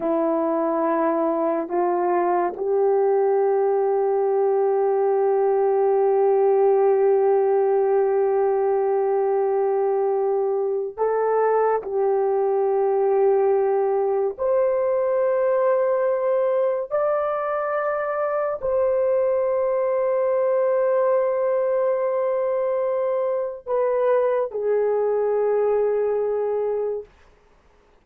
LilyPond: \new Staff \with { instrumentName = "horn" } { \time 4/4 \tempo 4 = 71 e'2 f'4 g'4~ | g'1~ | g'1~ | g'4 a'4 g'2~ |
g'4 c''2. | d''2 c''2~ | c''1 | b'4 gis'2. | }